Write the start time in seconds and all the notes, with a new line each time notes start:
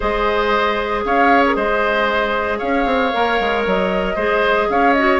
0.00 G#3 G#4 C5 D#5
1.05 C#4 C#5 F5
1.46 A#4
1.55 G#3 C5 D#5
2.58 C#4 C#5 F5
2.85 C4
3.13 A#3 A#4
3.40 G#3
3.66 F#3 D#5
4.15 G#3 G#4 C5
4.69 C#4 C#5 F5
4.93 F#4 D#5